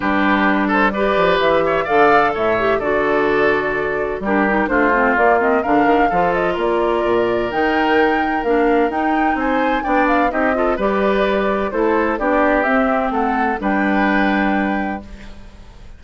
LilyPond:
<<
  \new Staff \with { instrumentName = "flute" } { \time 4/4 \tempo 4 = 128 b'4. c''8 d''4 e''4 | f''4 e''4 d''2~ | d''4 ais'4 c''4 d''8 dis''8 | f''4. dis''8 d''2 |
g''2 f''4 g''4 | gis''4 g''8 f''8 dis''4 d''4~ | d''4 c''4 d''4 e''4 | fis''4 g''2. | }
  \new Staff \with { instrumentName = "oboe" } { \time 4/4 g'4. a'8 b'4. cis''8 | d''4 cis''4 a'2~ | a'4 g'4 f'2 | ais'4 a'4 ais'2~ |
ais'1 | c''4 d''4 g'8 a'8 b'4~ | b'4 a'4 g'2 | a'4 b'2. | }
  \new Staff \with { instrumentName = "clarinet" } { \time 4/4 d'2 g'2 | a'4. g'8 fis'2~ | fis'4 d'8 dis'8 d'8 c'8 ais8 c'8 | d'4 f'2. |
dis'2 d'4 dis'4~ | dis'4 d'4 dis'8 f'8 g'4~ | g'4 e'4 d'4 c'4~ | c'4 d'2. | }
  \new Staff \with { instrumentName = "bassoon" } { \time 4/4 g2~ g8 f8 e4 | d4 a,4 d2~ | d4 g4 a4 ais4 | d8 dis8 f4 ais4 ais,4 |
dis2 ais4 dis'4 | c'4 b4 c'4 g4~ | g4 a4 b4 c'4 | a4 g2. | }
>>